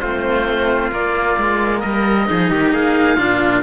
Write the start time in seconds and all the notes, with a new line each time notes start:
0.00 A3 C4 F4 C5
0.91 A#3 D5
1.38 G#3
1.80 G3 A#4 D#5
2.27 F3 D#4 G#4
2.50 D#3 G4
2.73 A#3 G#4 F5
3.17 A#2 D4 F4